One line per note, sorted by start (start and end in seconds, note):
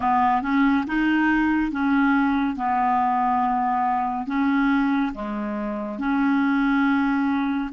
0.00 0.42 B3
0.42 0.85 C#4
0.86 1.71 D#4
1.71 2.56 C#4
2.56 4.26 B3
4.26 5.12 C#4
5.14 5.98 G#3
5.98 7.69 C#4